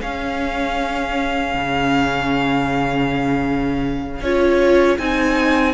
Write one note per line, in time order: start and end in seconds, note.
0.00 4.24 C#4
0.00 1.54 C#4
0.00 5.74 G#4
0.00 4.24 F5
1.54 4.21 C#3
4.21 4.98 C#4
4.21 4.99 F4
4.21 4.99 C#5
4.99 5.74 C4
4.99 5.74 D#4
4.99 5.74 G#5